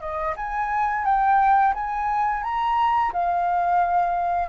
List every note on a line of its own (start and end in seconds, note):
0.00 0.34 D#5
0.36 1.05 G#5
1.05 1.74 G5
1.74 2.43 G#5
2.43 3.12 A#5
3.13 4.48 F5